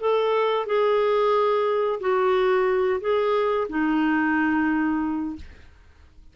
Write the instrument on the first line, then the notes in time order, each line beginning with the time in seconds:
clarinet
0.00 A4
0.67 G#4
2.00 F#4
3.01 G#4
3.69 D#4